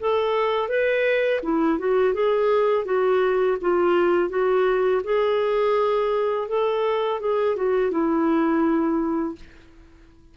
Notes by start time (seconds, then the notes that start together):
0.00 A4
0.69 B4
1.43 E4
1.79 F#4
2.14 G#4
2.85 F#4
3.61 F4
4.30 F#4
5.04 G#4
6.48 A4
7.20 G#4
7.56 F#4
7.91 E4